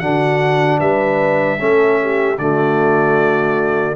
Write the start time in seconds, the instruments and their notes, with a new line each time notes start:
0.00 tuba D3, trombone D4, horn F#4, trumpet F#5
0.79 tuba G3, horn B4, trumpet E5
1.58 tuba A3, trombone C#4, horn A4
2.02 horn G4
2.38 tuba D3, trombone A3, horn F#4, trumpet D5